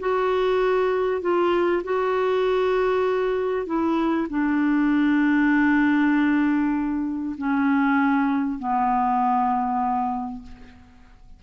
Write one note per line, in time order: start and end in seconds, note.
0.00 1.22 F#4
1.22 1.83 F4
1.84 3.67 F#4
3.67 4.28 E4
4.30 7.36 D4
7.38 8.59 C#4
8.59 10.43 B3